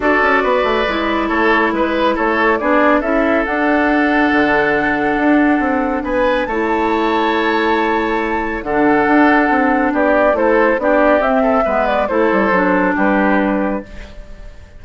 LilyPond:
<<
  \new Staff \with { instrumentName = "flute" } { \time 4/4 \tempo 4 = 139 d''2. cis''4 | b'4 cis''4 d''4 e''4 | fis''1~ | fis''2 gis''4 a''4~ |
a''1 | fis''2. d''4 | c''4 d''4 e''4. d''8 | c''2 b'2 | }
  \new Staff \with { instrumentName = "oboe" } { \time 4/4 a'4 b'2 a'4 | b'4 a'4 gis'4 a'4~ | a'1~ | a'2 b'4 cis''4~ |
cis''1 | a'2. g'4 | a'4 g'4. a'8 b'4 | a'2 g'2 | }
  \new Staff \with { instrumentName = "clarinet" } { \time 4/4 fis'2 e'2~ | e'2 d'4 e'4 | d'1~ | d'2. e'4~ |
e'1 | d'1 | e'4 d'4 c'4 b4 | e'4 d'2. | }
  \new Staff \with { instrumentName = "bassoon" } { \time 4/4 d'8 cis'8 b8 a8 gis4 a4 | gis4 a4 b4 cis'4 | d'2 d2 | d'4 c'4 b4 a4~ |
a1 | d4 d'4 c'4 b4 | a4 b4 c'4 gis4 | a8 g8 fis4 g2 | }
>>